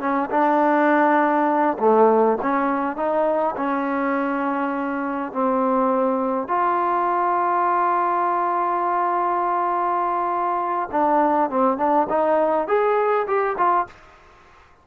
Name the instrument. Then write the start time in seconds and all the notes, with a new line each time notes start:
trombone
0.00 C#4
0.30 D4
1.79 A3
2.42 C#4
2.97 D#4
3.56 C#4
5.32 C4
6.48 F4
10.92 D4
11.50 C4
11.78 D4
12.09 D#4
12.68 G#4
13.27 G4
13.57 F4